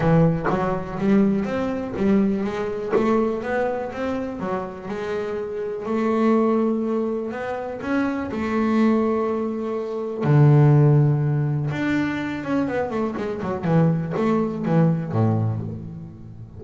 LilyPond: \new Staff \with { instrumentName = "double bass" } { \time 4/4 \tempo 4 = 123 e4 fis4 g4 c'4 | g4 gis4 a4 b4 | c'4 fis4 gis2 | a2. b4 |
cis'4 a2.~ | a4 d2. | d'4. cis'8 b8 a8 gis8 fis8 | e4 a4 e4 a,4 | }